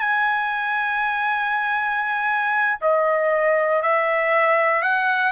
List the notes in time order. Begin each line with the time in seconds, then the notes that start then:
0.00 G#5
2.81 D#5
3.82 E5
4.83 F#5